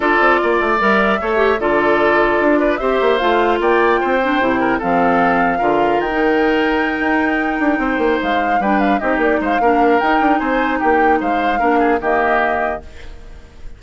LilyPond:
<<
  \new Staff \with { instrumentName = "flute" } { \time 4/4 \tempo 4 = 150 d''2 e''2 | d''2. e''4 | f''4 g''2. | f''2. g''4~ |
g''1~ | g''8 f''4 g''8 f''8 dis''8 d''8 f''8~ | f''4 g''4 gis''4 g''4 | f''2 dis''2 | }
  \new Staff \with { instrumentName = "oboe" } { \time 4/4 a'4 d''2 cis''4 | a'2~ a'8 b'8 c''4~ | c''4 d''4 c''4. ais'8 | a'2 ais'2~ |
ais'2.~ ais'8 c''8~ | c''4. b'4 g'4 c''8 | ais'2 c''4 g'4 | c''4 ais'8 gis'8 g'2 | }
  \new Staff \with { instrumentName = "clarinet" } { \time 4/4 f'2 ais'4 a'8 g'8 | f'2. g'4 | f'2~ f'8 d'8 e'4 | c'2 f'4~ f'16 dis'8.~ |
dis'1~ | dis'4. d'4 dis'4. | d'4 dis'2.~ | dis'4 d'4 ais2 | }
  \new Staff \with { instrumentName = "bassoon" } { \time 4/4 d'8 c'8 ais8 a8 g4 a4 | d2 d'4 c'8 ais8 | a4 ais4 c'4 c4 | f2 d4 dis4~ |
dis4. dis'4. d'8 c'8 | ais8 gis4 g4 c'8 ais8 gis8 | ais4 dis'8 d'8 c'4 ais4 | gis4 ais4 dis2 | }
>>